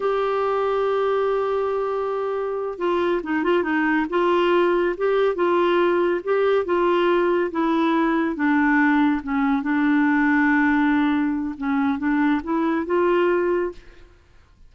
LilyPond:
\new Staff \with { instrumentName = "clarinet" } { \time 4/4 \tempo 4 = 140 g'1~ | g'2~ g'8 f'4 dis'8 | f'8 dis'4 f'2 g'8~ | g'8 f'2 g'4 f'8~ |
f'4. e'2 d'8~ | d'4. cis'4 d'4.~ | d'2. cis'4 | d'4 e'4 f'2 | }